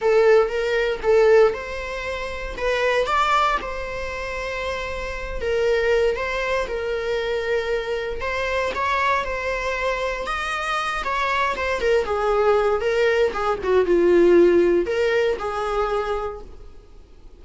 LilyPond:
\new Staff \with { instrumentName = "viola" } { \time 4/4 \tempo 4 = 117 a'4 ais'4 a'4 c''4~ | c''4 b'4 d''4 c''4~ | c''2~ c''8 ais'4. | c''4 ais'2. |
c''4 cis''4 c''2 | dis''4. cis''4 c''8 ais'8 gis'8~ | gis'4 ais'4 gis'8 fis'8 f'4~ | f'4 ais'4 gis'2 | }